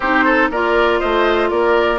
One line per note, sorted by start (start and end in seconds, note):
0.00 0.50 C4
0.00 0.53 D#4
0.00 0.24 G4
0.00 0.50 C5
0.24 0.49 A4
0.50 1.00 A#3
0.50 1.98 F4
0.50 0.99 A#4
0.50 0.99 D5
0.99 1.51 A3
0.99 1.49 C5
0.99 1.49 D#5
1.50 1.98 A#3
1.50 1.98 A#4
1.50 1.98 D5